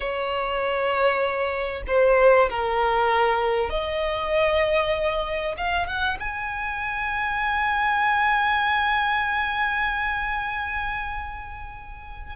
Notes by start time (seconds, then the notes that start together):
0.00 C#5
1.87 C5
2.49 A#4
3.69 D#5
5.57 F5
5.86 F#5
6.19 G#5